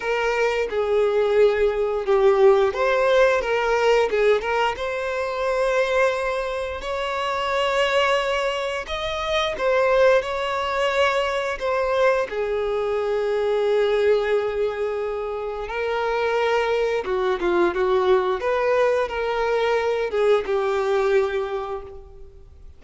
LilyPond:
\new Staff \with { instrumentName = "violin" } { \time 4/4 \tempo 4 = 88 ais'4 gis'2 g'4 | c''4 ais'4 gis'8 ais'8 c''4~ | c''2 cis''2~ | cis''4 dis''4 c''4 cis''4~ |
cis''4 c''4 gis'2~ | gis'2. ais'4~ | ais'4 fis'8 f'8 fis'4 b'4 | ais'4. gis'8 g'2 | }